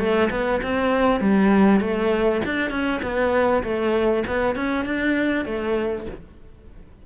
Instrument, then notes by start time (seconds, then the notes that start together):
cello
0.00 A3
0.31 B3
0.63 C4
1.21 G3
1.81 A3
2.46 D4
2.71 C#4
3.03 B3
3.64 A3
4.28 B3
4.56 C#4
4.86 D4
5.46 A3